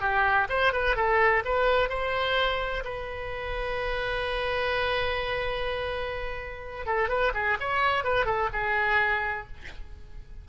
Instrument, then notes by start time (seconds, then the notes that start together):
oboe
0.00 G4
0.49 C5
0.73 B4
0.96 A4
1.44 B4
1.89 C5
2.84 B4
6.86 A4
7.08 B4
7.34 G#4
7.60 C#5
8.04 B4
8.25 A4
8.52 G#4